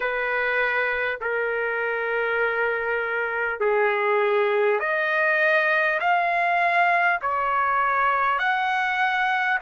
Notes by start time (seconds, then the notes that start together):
0.00 B4
1.20 A#4
3.59 G#4
4.79 D#5
6.00 F5
7.21 C#5
8.38 F#5